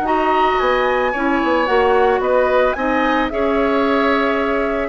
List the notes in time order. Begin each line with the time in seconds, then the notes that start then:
0.00 D#4 F#4 A#5
0.06 D#5
0.59 B3 G#5
1.12 C#4 E4 C#5
1.43 B3
1.66 A#3 F#4 F#5
2.19 B3 B4 D#5
2.72 C4 D#4 D#5 G#5
3.29 C#4 G#4 C#5 E5